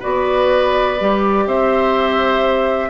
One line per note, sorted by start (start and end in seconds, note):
0.00 1.01 B3
0.00 0.97 F#4
0.00 1.45 B4
0.00 1.48 D5
0.99 1.46 G3
0.99 2.90 G4
1.46 2.90 C4
1.46 2.90 C5
1.46 2.90 E5